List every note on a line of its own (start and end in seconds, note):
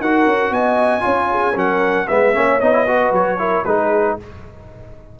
0.00 0.26 D#4
0.00 1.00 F#4
0.00 0.53 A#4
0.00 0.53 F#5
0.26 0.50 C#4
0.50 1.03 B3
0.50 1.03 D#5
0.50 1.57 G#5
1.00 1.56 C#4
1.00 1.53 F4
1.00 1.29 C#5
1.31 1.55 G#4
1.55 2.08 F#3
1.55 2.07 C#4
1.55 2.07 A#4
1.55 2.08 F#5
2.08 2.36 G#3
2.08 2.34 B3
2.08 2.35 B4
2.08 2.60 E5
2.34 2.62 A#3
2.34 2.60 C#4
2.34 2.88 C#5
2.60 3.12 B3
2.60 2.73 D#4
2.60 3.12 D#5
2.73 2.86 E4
2.86 3.38 F#4
2.86 3.39 B4
3.12 3.64 F#3
3.12 3.65 C#5
3.38 3.64 E4
3.38 3.66 A#4
3.65 4.18 G#3
3.65 4.19 D#4
3.65 4.18 G#4
3.65 4.17 B4